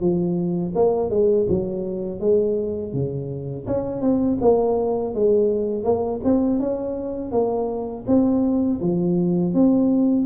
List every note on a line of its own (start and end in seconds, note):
0.00 0.73 F3
0.75 1.10 A#3
1.10 1.46 G#3
1.49 2.20 F#3
2.20 2.93 G#3
2.93 3.66 C#3
3.67 4.01 C#4
4.01 4.37 C4
4.41 5.14 A#3
5.14 5.83 G#3
5.83 6.20 A#3
6.23 6.59 C4
6.59 7.31 C#4
7.31 8.04 A#3
8.07 8.80 C4
8.81 9.54 F3
9.54 10.26 C4